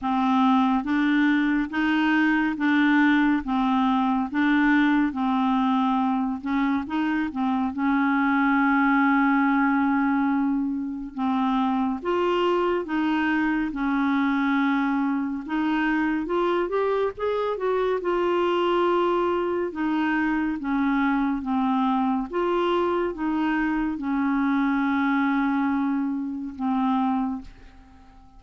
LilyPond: \new Staff \with { instrumentName = "clarinet" } { \time 4/4 \tempo 4 = 70 c'4 d'4 dis'4 d'4 | c'4 d'4 c'4. cis'8 | dis'8 c'8 cis'2.~ | cis'4 c'4 f'4 dis'4 |
cis'2 dis'4 f'8 g'8 | gis'8 fis'8 f'2 dis'4 | cis'4 c'4 f'4 dis'4 | cis'2. c'4 | }